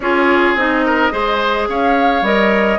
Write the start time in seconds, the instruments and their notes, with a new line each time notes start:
0.00 bassoon C#4, clarinet F4, oboe G#4, flute C#5
0.54 bassoon C4, clarinet D#4, flute D#5
0.85 oboe A#4
1.10 bassoon G#3, clarinet G#4, oboe C5
1.68 bassoon C#4, oboe C#5, flute F5
2.21 bassoon G3, clarinet A#4, flute D#5